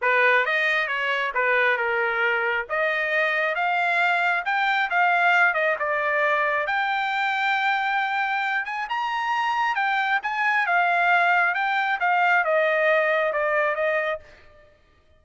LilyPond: \new Staff \with { instrumentName = "trumpet" } { \time 4/4 \tempo 4 = 135 b'4 dis''4 cis''4 b'4 | ais'2 dis''2 | f''2 g''4 f''4~ | f''8 dis''8 d''2 g''4~ |
g''2.~ g''8 gis''8 | ais''2 g''4 gis''4 | f''2 g''4 f''4 | dis''2 d''4 dis''4 | }